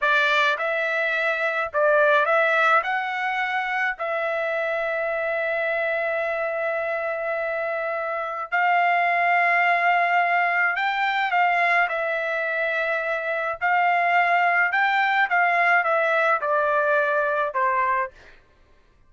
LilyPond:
\new Staff \with { instrumentName = "trumpet" } { \time 4/4 \tempo 4 = 106 d''4 e''2 d''4 | e''4 fis''2 e''4~ | e''1~ | e''2. f''4~ |
f''2. g''4 | f''4 e''2. | f''2 g''4 f''4 | e''4 d''2 c''4 | }